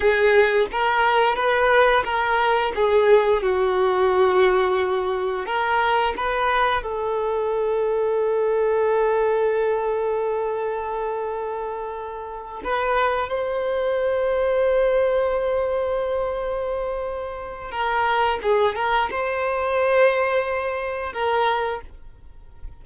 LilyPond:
\new Staff \with { instrumentName = "violin" } { \time 4/4 \tempo 4 = 88 gis'4 ais'4 b'4 ais'4 | gis'4 fis'2. | ais'4 b'4 a'2~ | a'1~ |
a'2~ a'8 b'4 c''8~ | c''1~ | c''2 ais'4 gis'8 ais'8 | c''2. ais'4 | }